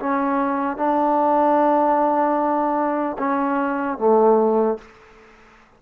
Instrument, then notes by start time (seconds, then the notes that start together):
trombone
0.00 C#4
0.77 D4
3.19 C#4
3.99 A3